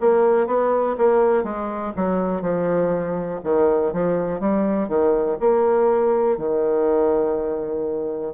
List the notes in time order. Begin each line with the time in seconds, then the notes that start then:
0.00 A#3
0.47 B3
0.97 A#3
1.44 G#3
1.96 F#3
2.41 F3
3.44 D#3
3.93 F3
4.40 G3
4.89 D#3
5.40 A#3
6.38 D#3